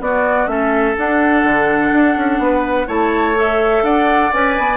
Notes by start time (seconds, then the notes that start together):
0.00 B3 F#4 D5
0.46 A3 C#4 A4 E5
0.98 D4 F#5
1.44 D3
1.92 D4
2.17 C#4
2.39 B3 B4
2.87 A3 E4 C#5 A5
3.36 A4 E5
3.83 D4 D5 F#5
4.33 C#4 B4 G#5
4.58 B3